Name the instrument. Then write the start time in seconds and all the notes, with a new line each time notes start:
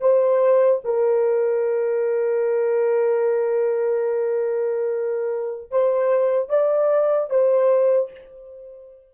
horn
0.00 C5
0.84 A#4
5.71 C5
6.49 D5
7.30 C5